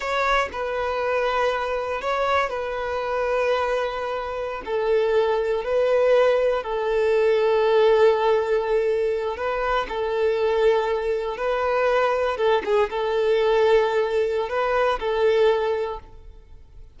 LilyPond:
\new Staff \with { instrumentName = "violin" } { \time 4/4 \tempo 4 = 120 cis''4 b'2. | cis''4 b'2.~ | b'4~ b'16 a'2 b'8.~ | b'4~ b'16 a'2~ a'8.~ |
a'2~ a'8. b'4 a'16~ | a'2~ a'8. b'4~ b'16~ | b'8. a'8 gis'8 a'2~ a'16~ | a'4 b'4 a'2 | }